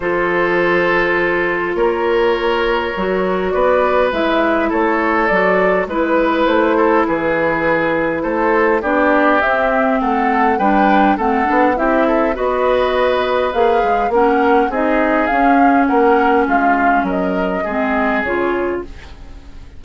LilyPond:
<<
  \new Staff \with { instrumentName = "flute" } { \time 4/4 \tempo 4 = 102 c''2. cis''4~ | cis''2 d''4 e''4 | cis''4 d''4 b'4 c''4 | b'2 c''4 d''4 |
e''4 fis''4 g''4 fis''4 | e''4 dis''2 f''4 | fis''4 dis''4 f''4 fis''4 | f''4 dis''2 cis''4 | }
  \new Staff \with { instrumentName = "oboe" } { \time 4/4 a'2. ais'4~ | ais'2 b'2 | a'2 b'4. a'8 | gis'2 a'4 g'4~ |
g'4 a'4 b'4 a'4 | g'8 a'8 b'2. | ais'4 gis'2 ais'4 | f'4 ais'4 gis'2 | }
  \new Staff \with { instrumentName = "clarinet" } { \time 4/4 f'1~ | f'4 fis'2 e'4~ | e'4 fis'4 e'2~ | e'2. d'4 |
c'2 d'4 c'8 d'8 | e'4 fis'2 gis'4 | cis'4 dis'4 cis'2~ | cis'2 c'4 f'4 | }
  \new Staff \with { instrumentName = "bassoon" } { \time 4/4 f2. ais4~ | ais4 fis4 b4 gis4 | a4 fis4 gis4 a4 | e2 a4 b4 |
c'4 a4 g4 a8 b8 | c'4 b2 ais8 gis8 | ais4 c'4 cis'4 ais4 | gis4 fis4 gis4 cis4 | }
>>